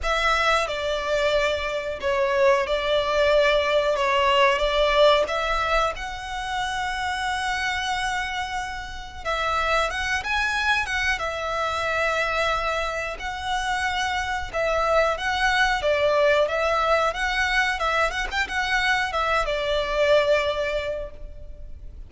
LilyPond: \new Staff \with { instrumentName = "violin" } { \time 4/4 \tempo 4 = 91 e''4 d''2 cis''4 | d''2 cis''4 d''4 | e''4 fis''2.~ | fis''2 e''4 fis''8 gis''8~ |
gis''8 fis''8 e''2. | fis''2 e''4 fis''4 | d''4 e''4 fis''4 e''8 fis''16 g''16 | fis''4 e''8 d''2~ d''8 | }